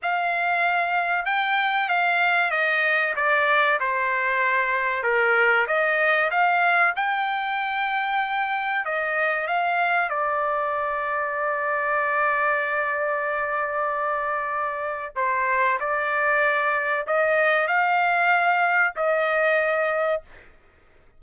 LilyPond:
\new Staff \with { instrumentName = "trumpet" } { \time 4/4 \tempo 4 = 95 f''2 g''4 f''4 | dis''4 d''4 c''2 | ais'4 dis''4 f''4 g''4~ | g''2 dis''4 f''4 |
d''1~ | d''1 | c''4 d''2 dis''4 | f''2 dis''2 | }